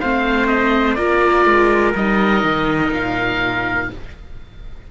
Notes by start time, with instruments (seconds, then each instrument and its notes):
0.00 cello A3, viola C4, trumpet C5, oboe F5
0.47 oboe D#5
0.94 cello A#3, viola F4, trumpet A#4, oboe D5
1.45 cello G#3
1.95 cello G3, viola D#4, oboe D#5
2.43 cello D#3
2.92 cello A#2, oboe F5